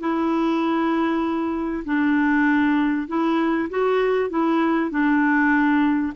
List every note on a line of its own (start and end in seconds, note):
0.00 1.84 E4
1.85 3.08 D4
3.08 3.69 E4
3.70 4.30 F#4
4.30 4.90 E4
4.90 6.13 D4